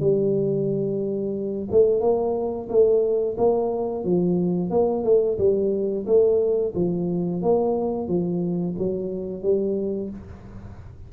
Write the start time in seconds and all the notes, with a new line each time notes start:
0.00 G3
1.71 A3
2.01 A#3
2.69 A3
3.37 A#3
4.04 F3
4.70 A#3
5.04 A3
5.39 G3
6.06 A3
6.75 F3
7.42 A#3
8.08 F3
8.79 F#3
9.43 G3